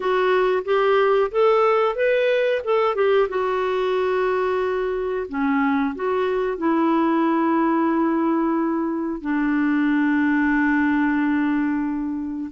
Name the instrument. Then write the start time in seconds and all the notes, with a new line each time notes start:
clarinet
0.00 F#4
0.64 G4
1.31 A4
1.95 B4
2.64 A4
2.95 G4
3.28 F#4
5.28 C#4
5.95 F#4
6.57 E4
9.21 D4